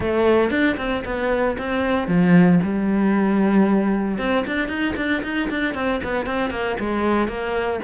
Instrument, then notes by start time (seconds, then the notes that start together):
cello
0.00 A3
0.50 D4
0.77 C4
1.04 B3
1.58 C4
2.07 F3
2.63 G3
4.18 C4
4.46 D4
4.68 D#4
4.96 D4
5.23 D#4
5.50 D4
5.74 C4
6.03 B3
6.26 C4
6.50 A#3
6.79 G#3
7.28 A#3